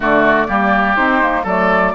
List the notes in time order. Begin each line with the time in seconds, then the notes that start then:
0.00 D3 A3 F#4 D5
0.48 G3 A#3 G4
0.96 C4 D#4 C5
1.21 A#3
1.43 F#3 A3 A4 D5